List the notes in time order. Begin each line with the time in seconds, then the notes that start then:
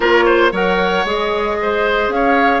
0.00 A#3 F4 A#4 C#5
0.25 C5
0.51 F#3 A#4 C#5 F#5
1.04 G#3 G#4 D#5
1.61 C5
2.08 C#4 F5
2.14 C#5